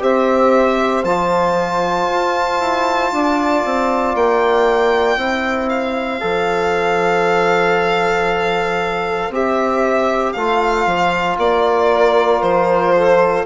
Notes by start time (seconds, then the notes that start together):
0.00 C4 G4 C5 E5
1.04 F3 F4 A5
2.09 F4
2.60 E4
3.12 D4 D5
3.65 C4
4.15 A#3 G5
5.17 C4 E4 C5
5.69 F5
6.20 F3 A4
9.29 C4 G4 E5
10.33 A3 F4 F5
10.86 F3
11.37 A#3 D5
11.91 A#4
12.42 F3 C5
12.95 A4